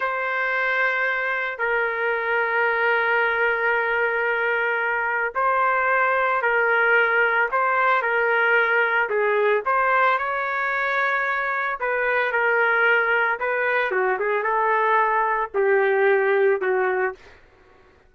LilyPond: \new Staff \with { instrumentName = "trumpet" } { \time 4/4 \tempo 4 = 112 c''2. ais'4~ | ais'1~ | ais'2 c''2 | ais'2 c''4 ais'4~ |
ais'4 gis'4 c''4 cis''4~ | cis''2 b'4 ais'4~ | ais'4 b'4 fis'8 gis'8 a'4~ | a'4 g'2 fis'4 | }